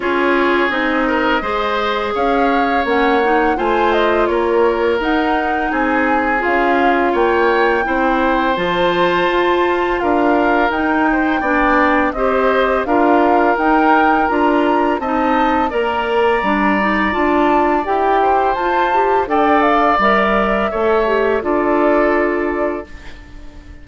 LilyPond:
<<
  \new Staff \with { instrumentName = "flute" } { \time 4/4 \tempo 4 = 84 cis''4 dis''2 f''4 | fis''4 gis''8 dis''8 cis''4 fis''4 | gis''4 f''4 g''2 | a''2 f''4 g''4~ |
g''4 dis''4 f''4 g''4 | ais''4 a''4 ais''2 | a''4 g''4 a''4 g''8 f''8 | e''2 d''2 | }
  \new Staff \with { instrumentName = "oboe" } { \time 4/4 gis'4. ais'8 c''4 cis''4~ | cis''4 c''4 ais'2 | gis'2 cis''4 c''4~ | c''2 ais'4. c''8 |
d''4 c''4 ais'2~ | ais'4 dis''4 d''2~ | d''4. c''4. d''4~ | d''4 cis''4 a'2 | }
  \new Staff \with { instrumentName = "clarinet" } { \time 4/4 f'4 dis'4 gis'2 | cis'8 dis'8 f'2 dis'4~ | dis'4 f'2 e'4 | f'2. dis'4 |
d'4 g'4 f'4 dis'4 | f'4 dis'4 ais'4 d'8 dis'8 | f'4 g'4 f'8 g'8 a'4 | ais'4 a'8 g'8 f'2 | }
  \new Staff \with { instrumentName = "bassoon" } { \time 4/4 cis'4 c'4 gis4 cis'4 | ais4 a4 ais4 dis'4 | c'4 cis'4 ais4 c'4 | f4 f'4 d'4 dis'4 |
b4 c'4 d'4 dis'4 | d'4 c'4 ais4 g4 | d'4 e'4 f'4 d'4 | g4 a4 d'2 | }
>>